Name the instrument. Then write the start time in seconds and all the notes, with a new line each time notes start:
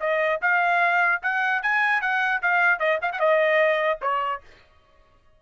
trumpet
0.00 D#5
0.42 F5
1.22 F#5
1.63 G#5
2.01 F#5
2.42 F5
2.79 D#5
3.02 F5
3.12 F#5
3.20 D#5
4.02 C#5